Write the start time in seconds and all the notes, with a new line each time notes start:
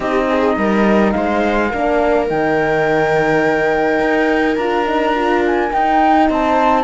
0.00 C4 D#4 G4 D#5
0.28 G#4
0.57 G3 A#4
1.11 G#3 C5 F5
1.70 A#3 D4 A#4
2.27 D#3 D#4 G5
3.99 D#4
4.56 D4 F4 A#5
4.85 D#4
5.15 F4
5.46 G#5
5.70 D#4 G5
6.29 C4 C5 A5